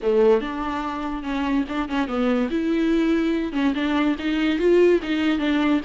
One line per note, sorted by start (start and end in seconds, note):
0.02 0.40 A3
0.40 1.22 D4
1.22 1.64 C#4
1.68 1.88 D4
1.88 2.07 C#4
2.07 2.49 B3
2.50 3.52 E4
3.52 3.73 C#4
3.74 4.16 D4
4.18 4.58 D#4
4.58 5.00 F4
5.02 5.39 D#4
5.39 5.80 D4